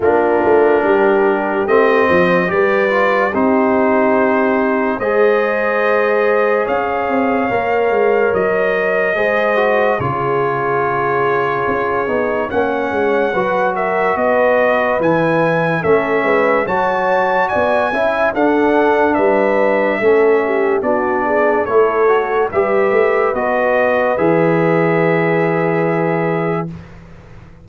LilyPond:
<<
  \new Staff \with { instrumentName = "trumpet" } { \time 4/4 \tempo 4 = 72 ais'2 dis''4 d''4 | c''2 dis''2 | f''2 dis''2 | cis''2. fis''4~ |
fis''8 e''8 dis''4 gis''4 e''4 | a''4 gis''4 fis''4 e''4~ | e''4 d''4 cis''4 e''4 | dis''4 e''2. | }
  \new Staff \with { instrumentName = "horn" } { \time 4/4 f'4 g'4. c''8 b'4 | g'2 c''2 | cis''2. c''4 | gis'2. cis''4 |
b'8 ais'8 b'2 a'8 b'8 | cis''4 d''8 e''8 a'4 b'4 | a'8 g'8 fis'8 gis'8 a'4 b'4~ | b'1 | }
  \new Staff \with { instrumentName = "trombone" } { \time 4/4 d'2 c'4 g'8 f'8 | dis'2 gis'2~ | gis'4 ais'2 gis'8 fis'8 | f'2~ f'8 dis'8 cis'4 |
fis'2 e'4 cis'4 | fis'4. e'8 d'2 | cis'4 d'4 e'8 fis'8 g'4 | fis'4 gis'2. | }
  \new Staff \with { instrumentName = "tuba" } { \time 4/4 ais8 a8 g4 a8 f8 g4 | c'2 gis2 | cis'8 c'8 ais8 gis8 fis4 gis4 | cis2 cis'8 b8 ais8 gis8 |
fis4 b4 e4 a8 gis8 | fis4 b8 cis'8 d'4 g4 | a4 b4 a4 g8 a8 | b4 e2. | }
>>